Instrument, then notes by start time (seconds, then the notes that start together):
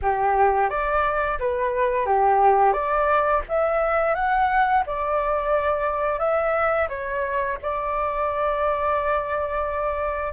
flute
0.02 G4
0.69 D5
1.39 B4
2.06 G4
2.72 D5
3.48 E5
4.14 F#5
4.86 D5
6.19 E5
6.88 C#5
7.62 D5